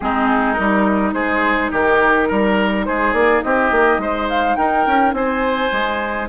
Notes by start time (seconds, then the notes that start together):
0.00 G#3 C4 D#4 G#4
0.53 G3 D#4 A#4
1.13 G#3 G#4 C5
1.71 D#3 G4 A#4
2.27 G3 A#4
2.85 G#3 G#4 C5
3.12 A#3 D5
3.41 C4 G4 D#5
3.71 A#3
3.98 G#3 C5
4.29 F5
4.55 D#4 A#4 G5
4.86 C#4
5.12 C4 C5 G#5
5.72 G#3